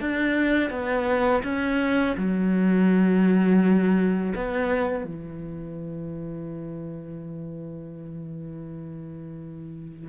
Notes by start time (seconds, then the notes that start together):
0.00 D4
0.70 B3
1.43 C#4
2.17 F#3
4.35 B3
5.04 E3